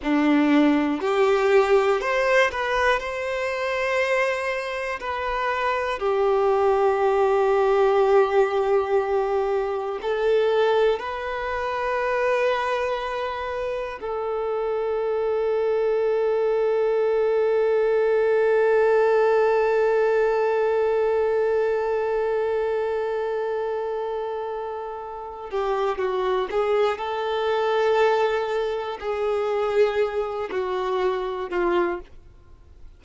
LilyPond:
\new Staff \with { instrumentName = "violin" } { \time 4/4 \tempo 4 = 60 d'4 g'4 c''8 b'8 c''4~ | c''4 b'4 g'2~ | g'2 a'4 b'4~ | b'2 a'2~ |
a'1~ | a'1~ | a'4. g'8 fis'8 gis'8 a'4~ | a'4 gis'4. fis'4 f'8 | }